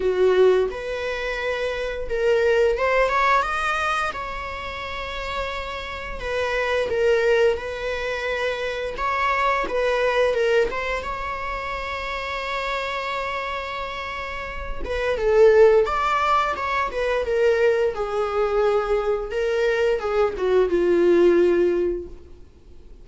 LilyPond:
\new Staff \with { instrumentName = "viola" } { \time 4/4 \tempo 4 = 87 fis'4 b'2 ais'4 | c''8 cis''8 dis''4 cis''2~ | cis''4 b'4 ais'4 b'4~ | b'4 cis''4 b'4 ais'8 c''8 |
cis''1~ | cis''4. b'8 a'4 d''4 | cis''8 b'8 ais'4 gis'2 | ais'4 gis'8 fis'8 f'2 | }